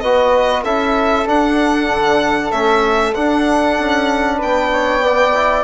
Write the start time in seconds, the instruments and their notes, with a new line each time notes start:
0.00 bassoon B3, trombone F#4, flute B4, violin D#5
0.63 bassoon C#4, trombone E4, flute A4, violin E5
1.26 trombone D4, bassoon D4, violin F#5
1.90 bassoon D3
2.51 bassoon A3, trombone C#4, violin E5
3.14 trombone D4, bassoon D4, violin F#5
3.79 bassoon C#4
4.36 bassoon B3, flute B4, violin G5
4.73 flute C#5
5.01 trombone B3, flute D5
5.34 trombone E4